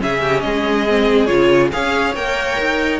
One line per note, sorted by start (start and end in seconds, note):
0.00 0.44 C#3
0.00 0.86 C#4
0.00 0.21 G#4
0.00 0.40 E5
0.21 0.42 G4
0.40 1.29 G#3
0.40 1.74 G#4
0.40 1.26 D#5
0.89 1.27 C4
1.26 1.72 C#3
1.26 1.70 F4
1.26 1.69 C#5
1.72 2.15 C#4
1.72 2.15 G#4
1.72 3.00 C#5
1.72 2.15 F5
2.15 2.58 A#3
2.15 3.00 A#4
2.15 3.00 G5
2.58 3.00 D#4